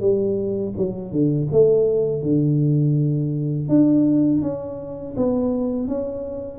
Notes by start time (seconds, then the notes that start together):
0.00 G3
0.77 F#3
1.11 D3
1.51 A3
2.22 D3
3.68 D4
4.41 C#4
5.17 B3
5.88 C#4